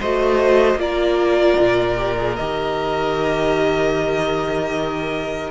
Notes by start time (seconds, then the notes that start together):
0.00 A3 F#4 C5 D#5
0.75 A#3 F4 D5
0.81 A#4
1.60 A#2
1.96 G4
2.18 G#4
2.36 D#3 G4 D#5